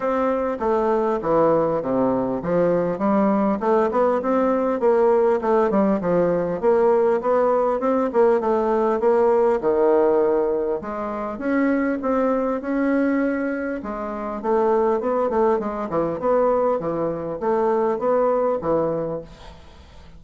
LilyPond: \new Staff \with { instrumentName = "bassoon" } { \time 4/4 \tempo 4 = 100 c'4 a4 e4 c4 | f4 g4 a8 b8 c'4 | ais4 a8 g8 f4 ais4 | b4 c'8 ais8 a4 ais4 |
dis2 gis4 cis'4 | c'4 cis'2 gis4 | a4 b8 a8 gis8 e8 b4 | e4 a4 b4 e4 | }